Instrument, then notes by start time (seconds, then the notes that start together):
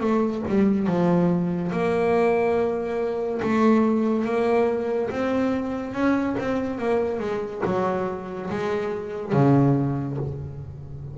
double bass
0.00 A3
0.48 G3
0.87 F3
1.71 A#3
3.42 A3
4.25 A#3
5.10 C4
5.93 C#4
6.38 C4
6.78 A#3
7.19 G#3
7.65 F#3
8.50 G#3
9.33 C#3